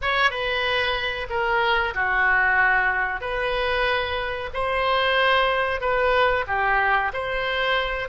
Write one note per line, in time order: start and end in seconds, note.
0.01 0.30 C#5
0.30 1.27 B4
1.29 1.94 A#4
1.94 3.21 F#4
3.21 4.50 B4
4.53 5.80 C5
5.80 6.45 B4
6.47 7.11 G4
7.13 8.08 C5